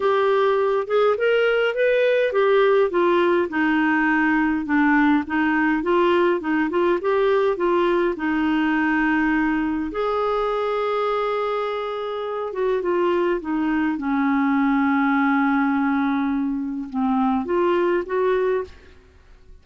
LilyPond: \new Staff \with { instrumentName = "clarinet" } { \time 4/4 \tempo 4 = 103 g'4. gis'8 ais'4 b'4 | g'4 f'4 dis'2 | d'4 dis'4 f'4 dis'8 f'8 | g'4 f'4 dis'2~ |
dis'4 gis'2.~ | gis'4. fis'8 f'4 dis'4 | cis'1~ | cis'4 c'4 f'4 fis'4 | }